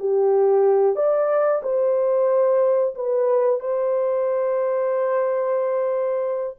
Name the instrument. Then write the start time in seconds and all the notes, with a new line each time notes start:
horn
0.00 G4
0.96 D5
1.63 C5
2.95 B4
3.60 C5